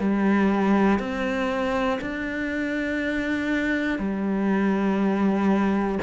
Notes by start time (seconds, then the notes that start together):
0.00 G3
1.00 C4
2.02 D4
3.99 G3